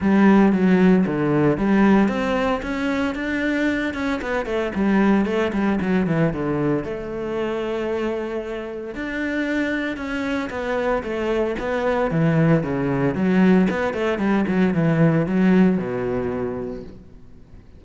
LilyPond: \new Staff \with { instrumentName = "cello" } { \time 4/4 \tempo 4 = 114 g4 fis4 d4 g4 | c'4 cis'4 d'4. cis'8 | b8 a8 g4 a8 g8 fis8 e8 | d4 a2.~ |
a4 d'2 cis'4 | b4 a4 b4 e4 | cis4 fis4 b8 a8 g8 fis8 | e4 fis4 b,2 | }